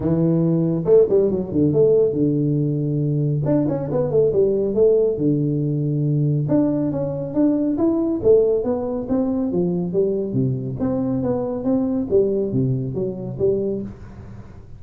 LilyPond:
\new Staff \with { instrumentName = "tuba" } { \time 4/4 \tempo 4 = 139 e2 a8 g8 fis8 d8 | a4 d2. | d'8 cis'8 b8 a8 g4 a4 | d2. d'4 |
cis'4 d'4 e'4 a4 | b4 c'4 f4 g4 | c4 c'4 b4 c'4 | g4 c4 fis4 g4 | }